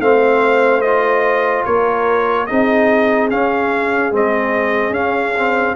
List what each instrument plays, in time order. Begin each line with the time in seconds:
0.00 tuba A3, trombone C4, horn C5, trumpet F5
0.81 trombone F4, trumpet D#5
1.65 tuba A#3, horn A#4, trumpet C#5
2.46 tuba C4, trombone D#4, horn G#4, trumpet D#5
3.30 trombone C#4, tuba C#4, trumpet F5
4.11 tuba G#3, trombone C4, trumpet D#5
4.90 tuba C#4, trombone C#4, trumpet F5
5.37 trombone C4